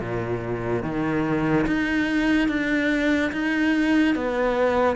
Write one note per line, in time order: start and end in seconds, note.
0.00 0.82 A#2
0.82 1.66 D#3
1.67 2.48 D#4
2.48 3.31 D4
3.31 4.15 D#4
4.15 4.96 B3